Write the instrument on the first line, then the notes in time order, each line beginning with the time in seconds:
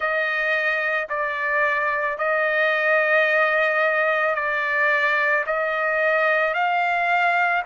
trumpet
0.00 D#5
1.09 D5
2.18 D#5
4.35 D5
5.46 D#5
6.54 F5